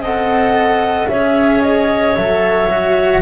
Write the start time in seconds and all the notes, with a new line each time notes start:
0.00 C4 A4 D#5 F#5
1.08 C#4 G#4 C#5 E5
1.62 D#5
2.16 F#3 A4 E5
2.70 F#4